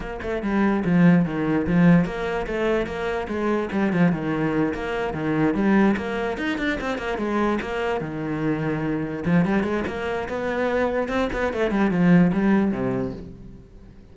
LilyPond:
\new Staff \with { instrumentName = "cello" } { \time 4/4 \tempo 4 = 146 ais8 a8 g4 f4 dis4 | f4 ais4 a4 ais4 | gis4 g8 f8 dis4. ais8~ | ais8 dis4 g4 ais4 dis'8 |
d'8 c'8 ais8 gis4 ais4 dis8~ | dis2~ dis8 f8 g8 gis8 | ais4 b2 c'8 b8 | a8 g8 f4 g4 c4 | }